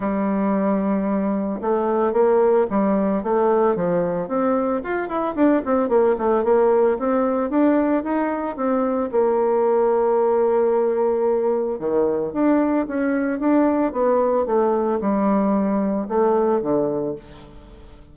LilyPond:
\new Staff \with { instrumentName = "bassoon" } { \time 4/4 \tempo 4 = 112 g2. a4 | ais4 g4 a4 f4 | c'4 f'8 e'8 d'8 c'8 ais8 a8 | ais4 c'4 d'4 dis'4 |
c'4 ais2.~ | ais2 dis4 d'4 | cis'4 d'4 b4 a4 | g2 a4 d4 | }